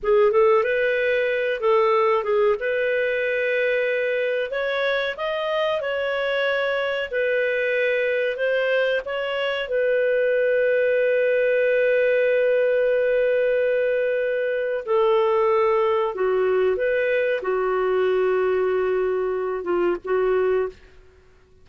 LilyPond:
\new Staff \with { instrumentName = "clarinet" } { \time 4/4 \tempo 4 = 93 gis'8 a'8 b'4. a'4 gis'8 | b'2. cis''4 | dis''4 cis''2 b'4~ | b'4 c''4 cis''4 b'4~ |
b'1~ | b'2. a'4~ | a'4 fis'4 b'4 fis'4~ | fis'2~ fis'8 f'8 fis'4 | }